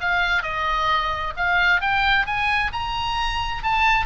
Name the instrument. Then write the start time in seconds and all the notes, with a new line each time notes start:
oboe
0.00 F5
0.42 D#5
1.36 F5
1.81 G5
2.26 G#5
2.72 A#5
3.63 A5